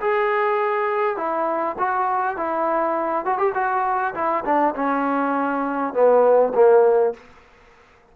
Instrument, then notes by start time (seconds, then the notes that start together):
trombone
0.00 G#4
1.16 E4
1.78 F#4
2.37 E4
3.25 F#4
3.38 G4
3.54 F#4
4.14 E4
4.44 D4
4.75 C#4
5.93 B3
6.54 A#3